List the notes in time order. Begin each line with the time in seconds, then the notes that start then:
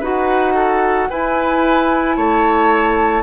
0.00 D#4 F#4 B4 F#5
0.55 A4
1.10 E4 B4 G#5
2.16 A3 C#5 A5